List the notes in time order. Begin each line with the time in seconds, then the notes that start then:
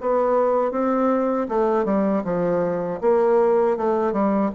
0.00 B3
0.71 C4
1.48 A3
1.84 G3
2.24 F3
3.00 A#3
3.77 A3
4.12 G3